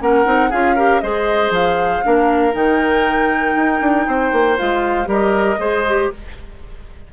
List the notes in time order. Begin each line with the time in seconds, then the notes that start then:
0.00 A#3 C#4 A#4 F#5
0.24 C4 D#4
0.49 C#4 F4 G#4 F5
0.75 G4 A#4
1.00 G#3 G#4 C5 D#5
1.50 F3 F5
2.03 A#3 D4 A#4
2.51 D#3 D#4 G5
3.55 D#4
3.81 D4
4.07 C4 C5
4.32 A#3
4.58 G#3 F4 F5
5.05 G3 G4 A#4 D#5
5.58 G#3 G#4 C5
5.87 G4